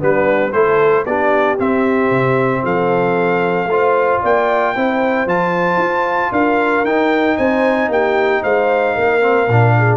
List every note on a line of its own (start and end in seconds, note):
0.00 0.53 G3
0.00 0.53 B3
0.00 0.53 D4
0.00 0.53 B4
0.53 1.06 A3
0.53 1.07 E4
0.53 1.05 A4
0.53 1.05 C5
1.06 1.58 B3
1.06 1.59 D4
1.06 2.63 G4
1.06 1.59 D5
1.59 3.69 C4
1.59 2.11 C4
1.59 2.65 E5
2.11 2.63 C3
2.63 3.66 F3
2.63 3.69 A4
2.63 4.23 F5
3.66 4.19 A3
3.66 4.76 F4
3.66 4.22 C5
4.22 4.76 A#3
4.22 4.75 D5
4.22 5.29 G5
4.76 5.26 C4
4.76 5.28 E4
4.76 6.32 C5
5.26 5.78 F3
5.26 6.86 F4
5.26 6.33 A5
5.78 6.30 F4
6.32 6.84 D4
6.32 7.37 A#4
6.32 6.86 F5
6.84 7.37 D#4
6.84 9.21 D#4
6.84 7.37 G5
7.37 7.89 C4
7.37 7.90 C5
7.37 7.90 G#5
7.89 8.41 A#3
7.89 8.43 G4
7.89 8.44 G5
8.43 8.97 G#3
8.43 8.95 C5
8.43 9.97 F5
8.95 9.48 A#3
8.95 9.74 A#4
9.21 9.47 C4
9.48 9.97 A#2
9.48 9.97 D4
9.78 9.97 G#4